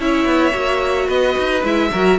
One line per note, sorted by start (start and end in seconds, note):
0.00 0.25 C#4
0.00 0.52 E4
0.00 1.07 C#5
0.00 1.09 E5
0.25 0.53 B3
0.52 1.09 A#3
0.52 1.62 F#4
1.07 1.36 B3
1.07 1.90 B4
1.07 1.64 D#5
1.38 1.64 D#4
1.64 1.91 G#3
1.64 1.92 E4
1.64 2.19 E5
1.92 2.19 F#3
1.92 2.19 F#4
1.92 2.19 A#4